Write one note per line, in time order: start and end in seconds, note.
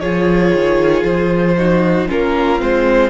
0.00 0.52 F3
0.00 1.58 F4
0.00 1.55 G#4
0.00 1.04 C#5
0.55 1.03 D#3
1.03 2.07 F3
1.03 2.08 C5
1.58 2.09 D#4
1.58 2.08 F#4
2.08 2.62 A#3
2.08 2.59 C#4
2.08 3.11 F4
2.08 2.62 A#4
2.59 3.11 G#3
2.59 3.11 C4
2.59 3.11 C5